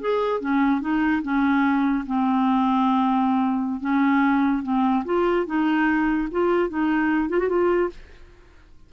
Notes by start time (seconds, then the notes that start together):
0.00 G#4
0.40 C#4
0.81 D#4
1.22 C#4
2.06 C4
3.80 C#4
4.62 C4
5.04 F4
5.46 D#4
6.31 F4
6.69 D#4
7.29 F4
7.39 F#4
7.48 F4